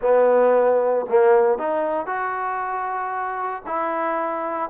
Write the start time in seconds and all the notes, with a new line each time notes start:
0.01 B3
1.09 A#3
1.58 D#4
2.06 F#4
3.66 E4